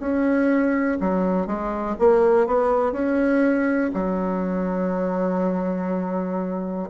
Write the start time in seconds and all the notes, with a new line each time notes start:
0.00 C#4
1.01 F#3
1.47 G#3
1.99 A#3
2.47 B3
2.93 C#4
3.94 F#3